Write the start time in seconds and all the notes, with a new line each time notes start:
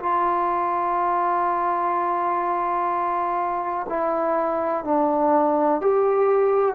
0.00 F4
3.89 E4
4.85 D4
5.82 G4